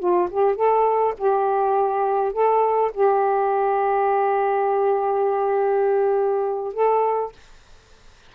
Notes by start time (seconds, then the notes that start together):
0.00 F4
0.31 G4
0.56 A4
1.18 G4
2.33 A4
2.94 G4
6.74 A4